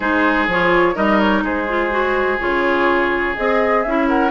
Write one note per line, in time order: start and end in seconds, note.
0.00 0.47 G#3
0.00 0.48 D#4
0.00 0.95 G#4
0.00 0.47 C5
0.47 0.95 F3
0.47 0.94 F4
0.47 0.96 C#5
0.94 1.42 G3
0.94 1.66 D#4
0.94 1.43 A#4
0.94 1.19 D#5
1.19 1.43 C#5
1.42 2.38 G#3
1.42 4.08 G#4
1.42 2.39 C5
1.68 1.90 F4
1.90 2.38 F#4
2.39 3.37 C#3
2.39 3.35 F4
2.39 3.35 C#5
3.36 3.85 C4
3.36 3.85 G#4
3.36 3.83 D#5
3.83 4.31 C#4
3.83 4.31 E4
3.83 4.07 E5
4.08 4.31 A#4
4.08 4.31 F#5